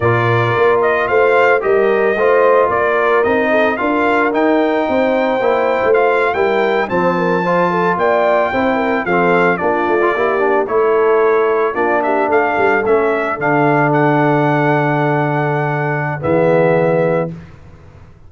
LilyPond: <<
  \new Staff \with { instrumentName = "trumpet" } { \time 4/4 \tempo 4 = 111 d''4. dis''8 f''4 dis''4~ | dis''4 d''4 dis''4 f''4 | g''2. f''8. g''16~ | g''8. a''2 g''4~ g''16~ |
g''8. f''4 d''2 cis''16~ | cis''4.~ cis''16 d''8 e''8 f''4 e''16~ | e''8. f''4 fis''2~ fis''16~ | fis''2 e''2 | }
  \new Staff \with { instrumentName = "horn" } { \time 4/4 ais'2 c''4 ais'4 | c''4 ais'4. a'8 ais'4~ | ais'4 c''2~ c''8. ais'16~ | ais'8. c''8 ais'8 c''8 a'8 d''4 c''16~ |
c''16 ais'8 a'4 f'4 g'4 a'16~ | a'4.~ a'16 f'8 g'8 a'4~ a'16~ | a'1~ | a'2 gis'2 | }
  \new Staff \with { instrumentName = "trombone" } { \time 4/4 f'2. g'4 | f'2 dis'4 f'4 | dis'2 e'4 f'8. e'16~ | e'8. c'4 f'2 e'16~ |
e'8. c'4 d'8. f'16 e'8 d'8 e'16~ | e'4.~ e'16 d'2 cis'16~ | cis'8. d'2.~ d'16~ | d'2 b2 | }
  \new Staff \with { instrumentName = "tuba" } { \time 4/4 ais,4 ais4 a4 g4 | a4 ais4 c'4 d'4 | dis'4 c'4 ais8. a4 g16~ | g8. f2 ais4 c'16~ |
c'8. f4 ais8 a8 ais4 a16~ | a4.~ a16 ais4 a8 g8 a16~ | a8. d2.~ d16~ | d2 e2 | }
>>